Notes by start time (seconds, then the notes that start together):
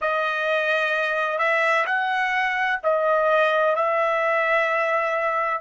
0.01 D#5
1.38 E5
1.86 F#5
2.83 D#5
3.75 E5